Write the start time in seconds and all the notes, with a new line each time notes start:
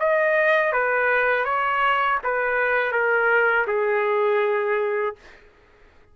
0.00 D#5
0.73 B4
1.45 C#5
2.24 B4
2.93 A#4
3.68 G#4